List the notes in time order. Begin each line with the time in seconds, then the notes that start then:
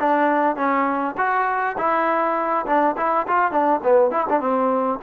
0.00 D4
0.57 C#4
1.18 F#4
1.78 E4
2.67 D4
2.97 E4
3.28 F4
3.52 D4
3.84 B3
4.11 E4
4.30 D4
4.41 C4